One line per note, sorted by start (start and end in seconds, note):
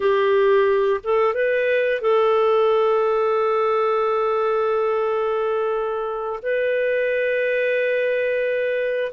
0.00 1.01 G4
1.03 1.34 A4
1.34 2.01 B4
2.01 6.39 A4
6.42 9.12 B4